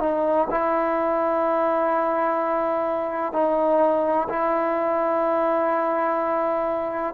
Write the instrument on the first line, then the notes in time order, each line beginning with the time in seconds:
trombone
0.00 D#4
0.51 E4
3.33 D#4
4.29 E4